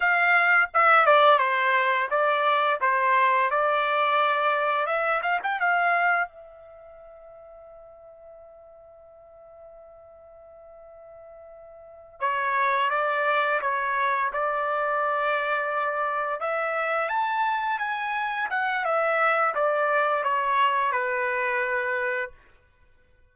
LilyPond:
\new Staff \with { instrumentName = "trumpet" } { \time 4/4 \tempo 4 = 86 f''4 e''8 d''8 c''4 d''4 | c''4 d''2 e''8 f''16 g''16 | f''4 e''2.~ | e''1~ |
e''4. cis''4 d''4 cis''8~ | cis''8 d''2. e''8~ | e''8 a''4 gis''4 fis''8 e''4 | d''4 cis''4 b'2 | }